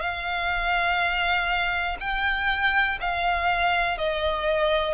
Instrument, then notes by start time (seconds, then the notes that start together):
violin
0.00 F5
2.00 G5
3.00 F5
3.97 D#5